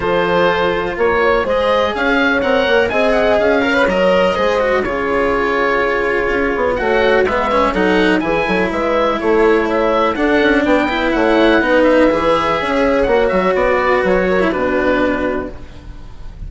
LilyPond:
<<
  \new Staff \with { instrumentName = "oboe" } { \time 4/4 \tempo 4 = 124 c''2 cis''4 dis''4 | f''4 fis''4 gis''8 fis''8 f''4 | dis''2 cis''2~ | cis''2 fis''4 e''4 |
fis''4 gis''4 e''4 cis''4 | e''4 fis''4 g''4 fis''4~ | fis''8 e''2~ e''8 fis''8 e''8 | d''4 cis''4 b'2 | }
  \new Staff \with { instrumentName = "horn" } { \time 4/4 a'2 ais'8 cis''8 c''4 | cis''2 dis''4. cis''8~ | cis''4 c''4 gis'2~ | gis'2 cis''4 b'4 |
a'4 gis'8 a'8 b'4 a'4 | cis''4 a'4 b'4 cis''4 | b'2 cis''2~ | cis''8 b'4 ais'8 fis'2 | }
  \new Staff \with { instrumentName = "cello" } { \time 4/4 f'2. gis'4~ | gis'4 ais'4 gis'4. ais'16 b'16 | ais'4 gis'8 fis'8 f'2~ | f'2 fis'4 b8 cis'8 |
dis'4 e'2.~ | e'4 d'4. e'4. | dis'4 gis'2 fis'4~ | fis'4.~ fis'16 e'16 d'2 | }
  \new Staff \with { instrumentName = "bassoon" } { \time 4/4 f2 ais4 gis4 | cis'4 c'8 ais8 c'4 cis'4 | fis4 gis4 cis2~ | cis4 cis'8 b8 a4 gis4 |
fis4 e8 fis8 gis4 a4~ | a4 d'8 cis'8 b4 a4 | b4 e4 cis'4 ais8 fis8 | b4 fis4 b,2 | }
>>